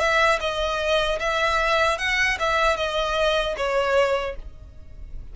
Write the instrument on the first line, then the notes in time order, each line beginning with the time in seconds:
violin
0.00 E5
0.41 D#5
1.20 E5
1.99 F#5
2.40 E5
2.77 D#5
3.57 C#5